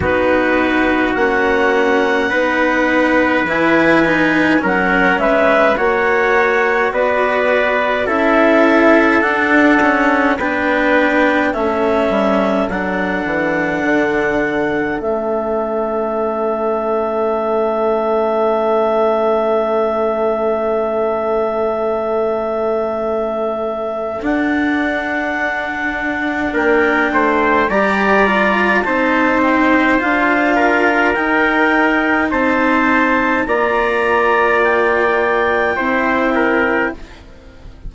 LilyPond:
<<
  \new Staff \with { instrumentName = "clarinet" } { \time 4/4 \tempo 4 = 52 b'4 fis''2 gis''4 | fis''8 e''8 fis''4 d''4 e''4 | fis''4 g''4 e''4 fis''4~ | fis''4 e''2.~ |
e''1~ | e''4 fis''2 g''4 | ais''4 a''8 g''8 f''4 g''4 | a''4 ais''4 g''2 | }
  \new Staff \with { instrumentName = "trumpet" } { \time 4/4 fis'2 b'2 | ais'8 b'8 cis''4 b'4 a'4~ | a'4 b'4 a'2~ | a'1~ |
a'1~ | a'2. ais'8 c''8 | d''4 c''4. ais'4. | c''4 d''2 c''8 ais'8 | }
  \new Staff \with { instrumentName = "cello" } { \time 4/4 dis'4 cis'4 dis'4 e'8 dis'8 | cis'4 fis'2 e'4 | d'8 cis'8 d'4 cis'4 d'4~ | d'4 cis'2.~ |
cis'1~ | cis'4 d'2. | g'8 f'8 dis'4 f'4 dis'4~ | dis'4 f'2 e'4 | }
  \new Staff \with { instrumentName = "bassoon" } { \time 4/4 b4 ais4 b4 e4 | fis8 gis8 ais4 b4 cis'4 | d'4 b4 a8 g8 fis8 e8 | d4 a2.~ |
a1~ | a4 d'2 ais8 a8 | g4 c'4 d'4 dis'4 | c'4 ais2 c'4 | }
>>